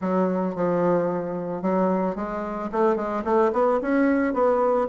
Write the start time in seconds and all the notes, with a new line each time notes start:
0.01 F#3
0.55 F3
1.62 F#3
2.15 G#3
2.72 A3
2.96 G#3
3.24 A3
3.53 B3
3.81 C#4
4.33 B3